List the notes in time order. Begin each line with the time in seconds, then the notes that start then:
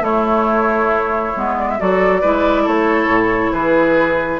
0.00 A3 E4 C#5
1.35 G#3 B3
1.58 D5
1.69 E5
1.78 F#3 F#4 A4 D5
2.21 G#3 E4 B4
2.63 A3 A4 C#5
3.07 A2
3.52 E3 G#4 B4